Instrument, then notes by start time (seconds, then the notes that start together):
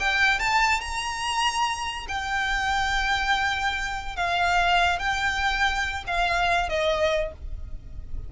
violin
0.00 G5
0.40 A5
0.81 A#5
2.08 G5
4.17 F5
4.99 G5
6.07 F5
6.69 D#5